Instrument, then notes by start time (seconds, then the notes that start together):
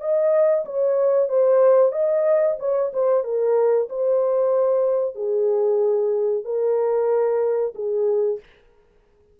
horn
0.00 D#5
0.65 C#5
1.28 C5
1.92 D#5
2.59 C#5
2.93 C5
3.24 A#4
3.89 C5
5.15 G#4
6.44 A#4
7.75 G#4